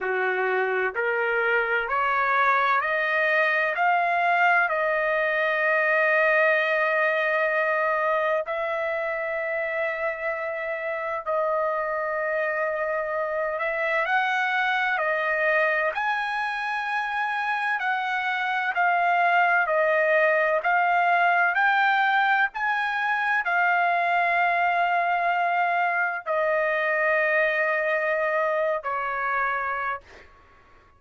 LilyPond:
\new Staff \with { instrumentName = "trumpet" } { \time 4/4 \tempo 4 = 64 fis'4 ais'4 cis''4 dis''4 | f''4 dis''2.~ | dis''4 e''2. | dis''2~ dis''8 e''8 fis''4 |
dis''4 gis''2 fis''4 | f''4 dis''4 f''4 g''4 | gis''4 f''2. | dis''2~ dis''8. cis''4~ cis''16 | }